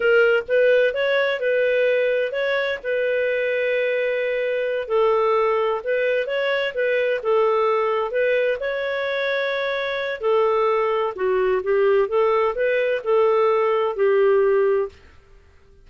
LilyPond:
\new Staff \with { instrumentName = "clarinet" } { \time 4/4 \tempo 4 = 129 ais'4 b'4 cis''4 b'4~ | b'4 cis''4 b'2~ | b'2~ b'8 a'4.~ | a'8 b'4 cis''4 b'4 a'8~ |
a'4. b'4 cis''4.~ | cis''2 a'2 | fis'4 g'4 a'4 b'4 | a'2 g'2 | }